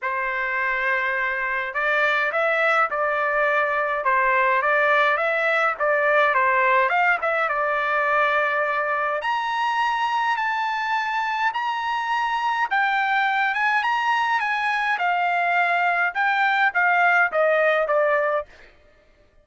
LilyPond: \new Staff \with { instrumentName = "trumpet" } { \time 4/4 \tempo 4 = 104 c''2. d''4 | e''4 d''2 c''4 | d''4 e''4 d''4 c''4 | f''8 e''8 d''2. |
ais''2 a''2 | ais''2 g''4. gis''8 | ais''4 gis''4 f''2 | g''4 f''4 dis''4 d''4 | }